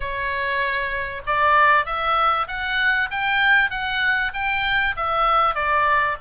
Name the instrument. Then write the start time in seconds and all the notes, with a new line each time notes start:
oboe
0.00 C#5
1.26 D5
1.85 E5
2.47 F#5
3.10 G5
3.70 F#5
4.33 G5
4.96 E5
5.54 D5